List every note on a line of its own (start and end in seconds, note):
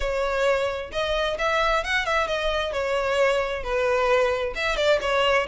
0.00 0.91 C#5
0.92 1.37 D#5
1.38 1.83 E5
1.83 2.05 F#5
2.05 2.27 E5
2.27 2.72 D#5
2.72 3.63 C#5
3.63 4.54 B4
4.55 4.76 E5
4.76 4.99 D5
5.01 5.46 C#5